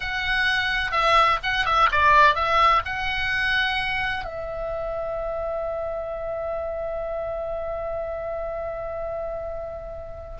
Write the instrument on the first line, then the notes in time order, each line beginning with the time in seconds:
oboe
0.00 F#5
0.91 E5
1.43 F#5
1.65 E5
1.91 D5
2.35 E5
2.85 F#5
4.24 E5